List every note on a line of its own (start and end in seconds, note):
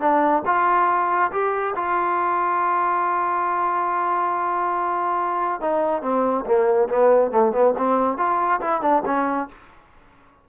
0.00 0.43 D4
0.46 1.31 F4
1.31 1.74 G4
1.76 5.61 F4
5.61 6.02 D#4
6.02 6.45 C4
6.46 6.89 A#3
6.89 7.31 B3
7.31 7.52 A3
7.52 7.74 B3
7.77 8.18 C4
8.18 8.60 F4
8.61 8.81 E4
8.81 9.03 D4
9.05 9.48 C#4